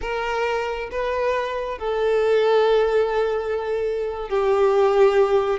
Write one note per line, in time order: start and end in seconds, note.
0.01 0.89 A#4
0.91 1.78 B4
1.78 4.29 A4
4.29 5.59 G4